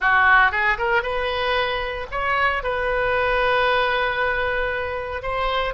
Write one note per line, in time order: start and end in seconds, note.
0.00 0.51 F#4
0.51 0.77 G#4
0.78 1.02 A#4
1.02 2.06 B4
2.11 2.63 C#5
2.63 5.22 B4
5.22 5.74 C5